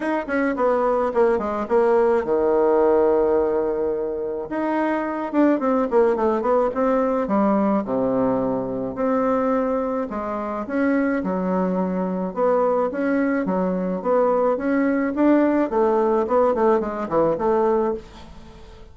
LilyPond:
\new Staff \with { instrumentName = "bassoon" } { \time 4/4 \tempo 4 = 107 dis'8 cis'8 b4 ais8 gis8 ais4 | dis1 | dis'4. d'8 c'8 ais8 a8 b8 | c'4 g4 c2 |
c'2 gis4 cis'4 | fis2 b4 cis'4 | fis4 b4 cis'4 d'4 | a4 b8 a8 gis8 e8 a4 | }